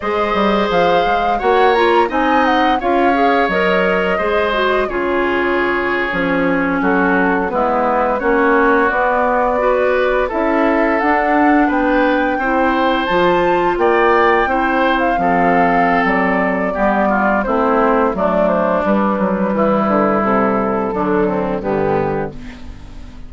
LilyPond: <<
  \new Staff \with { instrumentName = "flute" } { \time 4/4 \tempo 4 = 86 dis''4 f''4 fis''8 ais''8 gis''8 fis''8 | f''4 dis''2 cis''4~ | cis''4.~ cis''16 a'4 b'4 cis''16~ | cis''8. d''2 e''4 fis''16~ |
fis''8. g''2 a''4 g''16~ | g''4. f''4. d''4~ | d''4 c''4 d''8 c''8 b'4~ | b'4 a'2 g'4 | }
  \new Staff \with { instrumentName = "oboe" } { \time 4/4 c''2 cis''4 dis''4 | cis''2 c''4 gis'4~ | gis'4.~ gis'16 fis'4 e'4 fis'16~ | fis'4.~ fis'16 b'4 a'4~ a'16~ |
a'8. b'4 c''2 d''16~ | d''8. c''4 a'2~ a'16 | g'8 f'8 e'4 d'2 | e'2 d'8 c'8 b4 | }
  \new Staff \with { instrumentName = "clarinet" } { \time 4/4 gis'2 fis'8 f'8 dis'4 | f'8 gis'8 ais'4 gis'8 fis'8 f'4~ | f'8. cis'2 b4 cis'16~ | cis'8. b4 fis'4 e'4 d'16~ |
d'4.~ d'16 e'4 f'4~ f'16~ | f'8. e'4 c'2~ c'16 | b4 c'4 a4 g4~ | g2 fis4 d4 | }
  \new Staff \with { instrumentName = "bassoon" } { \time 4/4 gis8 g8 f8 gis8 ais4 c'4 | cis'4 fis4 gis4 cis4~ | cis8. f4 fis4 gis4 ais16~ | ais8. b2 cis'4 d'16~ |
d'8. b4 c'4 f4 ais16~ | ais8. c'4 f4~ f16 fis4 | g4 a4 fis4 g8 fis8 | e8 d8 c4 d4 g,4 | }
>>